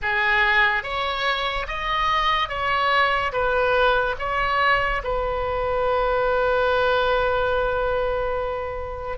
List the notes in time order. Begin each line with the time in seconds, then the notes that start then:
0.02 G#4
0.83 C#5
1.67 D#5
2.48 C#5
3.32 B4
4.18 C#5
5.03 B4